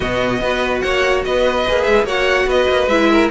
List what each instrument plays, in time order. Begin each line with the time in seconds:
0.00 cello B2, viola B3, violin F#4 D#5
0.40 cello B3, viola F#4, violin B4
0.80 cello A#3, violin C#5 F#5
1.24 cello B3, violin B4 D#5
1.67 cello A#3, viola G#4
1.83 cello G#3, violin E5
2.03 cello A#3, viola F#4, violin C#5 F#5
2.46 cello B3, violin B4 D#5
2.68 cello A#3
2.87 cello G#3, viola E4, violin E5
3.10 violin A#4